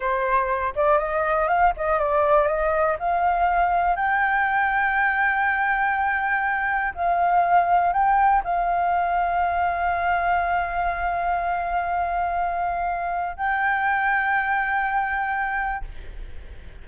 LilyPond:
\new Staff \with { instrumentName = "flute" } { \time 4/4 \tempo 4 = 121 c''4. d''8 dis''4 f''8 dis''8 | d''4 dis''4 f''2 | g''1~ | g''2 f''2 |
g''4 f''2.~ | f''1~ | f''2. g''4~ | g''1 | }